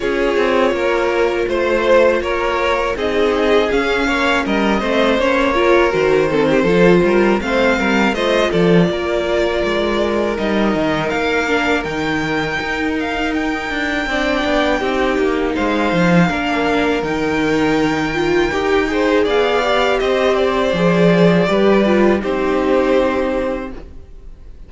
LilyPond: <<
  \new Staff \with { instrumentName = "violin" } { \time 4/4 \tempo 4 = 81 cis''2 c''4 cis''4 | dis''4 f''4 dis''4 cis''4 | c''2 f''4 dis''8 d''8~ | d''2 dis''4 f''4 |
g''4. f''8 g''2~ | g''4 f''2 g''4~ | g''2 f''4 dis''8 d''8~ | d''2 c''2 | }
  \new Staff \with { instrumentName = "violin" } { \time 4/4 gis'4 ais'4 c''4 ais'4 | gis'4. cis''8 ais'8 c''4 ais'8~ | ais'8 a'16 g'16 a'8 ais'8 c''8 ais'8 c''8 a'8 | ais'1~ |
ais'2. d''4 | g'4 c''4 ais'2~ | ais'4. c''8 d''4 c''4~ | c''4 b'4 g'2 | }
  \new Staff \with { instrumentName = "viola" } { \time 4/4 f'1 | dis'4 cis'4. c'8 cis'8 f'8 | fis'8 c'8 f'4 c'4 f'4~ | f'2 dis'4. d'8 |
dis'2. d'4 | dis'2 d'4 dis'4~ | dis'8 f'8 g'8 gis'4 g'4. | gis'4 g'8 f'8 dis'2 | }
  \new Staff \with { instrumentName = "cello" } { \time 4/4 cis'8 c'8 ais4 a4 ais4 | c'4 cis'8 ais8 g8 a8 ais4 | dis4 f8 g8 a8 g8 a8 f8 | ais4 gis4 g8 dis8 ais4 |
dis4 dis'4. d'8 c'8 b8 | c'8 ais8 gis8 f8 ais4 dis4~ | dis4 dis'4 b4 c'4 | f4 g4 c'2 | }
>>